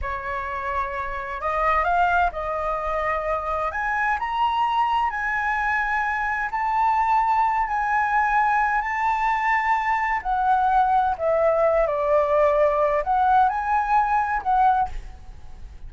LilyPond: \new Staff \with { instrumentName = "flute" } { \time 4/4 \tempo 4 = 129 cis''2. dis''4 | f''4 dis''2. | gis''4 ais''2 gis''4~ | gis''2 a''2~ |
a''8 gis''2~ gis''8 a''4~ | a''2 fis''2 | e''4. d''2~ d''8 | fis''4 gis''2 fis''4 | }